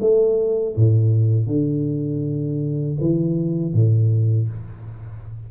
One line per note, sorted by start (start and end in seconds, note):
0.00 0.75 A3
0.75 1.46 A2
1.46 2.96 D3
3.00 3.73 E3
3.73 4.48 A2